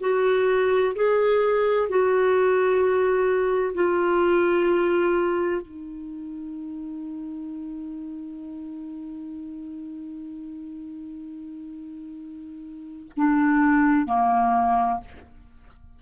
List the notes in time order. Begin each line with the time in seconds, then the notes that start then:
0.00 F#4
0.95 G#4
1.89 F#4
3.74 F4
5.61 D#4
13.16 D4
14.06 A#3